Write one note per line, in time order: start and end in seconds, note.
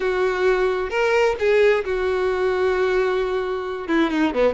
0.00 0.90 F#4
0.90 1.35 A#4
1.39 1.84 G#4
1.84 3.87 F#4
3.87 4.10 E4
4.10 4.33 D#4
4.33 4.54 B3